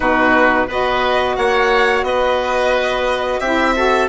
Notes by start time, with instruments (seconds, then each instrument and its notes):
0.00 bassoon B2, saxophone D#4, oboe F#4, violin B4
0.67 bassoon B3, saxophone F#4, oboe B4, violin D#5
1.36 bassoon A#3, oboe C#5, violin F#5
2.02 bassoon B3, oboe B4, violin D#5
3.39 bassoon C4, saxophone E4, oboe G4, violin E5
3.75 saxophone F#4, oboe A4